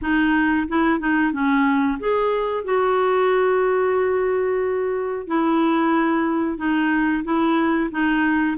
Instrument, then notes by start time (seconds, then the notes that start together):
clarinet
0.01 D#4
0.67 E4
0.99 D#4
1.32 C#4
1.99 G#4
2.64 F#4
5.27 E4
6.57 D#4
7.23 E4
7.91 D#4